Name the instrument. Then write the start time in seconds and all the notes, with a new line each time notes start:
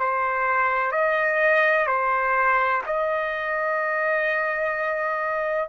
trumpet
0.00 C5
0.92 D#5
1.87 C5
2.87 D#5